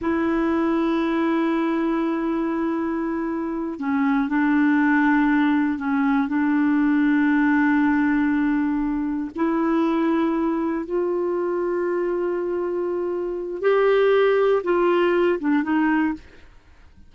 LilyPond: \new Staff \with { instrumentName = "clarinet" } { \time 4/4 \tempo 4 = 119 e'1~ | e'2.~ e'8 cis'8~ | cis'8 d'2. cis'8~ | cis'8 d'2.~ d'8~ |
d'2~ d'8 e'4.~ | e'4. f'2~ f'8~ | f'2. g'4~ | g'4 f'4. d'8 dis'4 | }